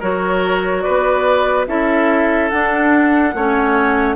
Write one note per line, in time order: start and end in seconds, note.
0.00 0.86 F#3
0.00 1.67 F#4
0.00 0.83 A#4
0.00 0.82 C#5
0.82 1.67 B4
0.82 1.65 D5
0.88 1.68 B3
1.67 2.51 C#4
1.67 2.51 E4
1.67 3.35 A4
1.67 2.49 E5
2.49 3.35 D4
2.49 3.34 D4
2.49 4.16 F#5
3.34 4.16 A3
3.34 4.16 C#4
3.34 4.16 C#5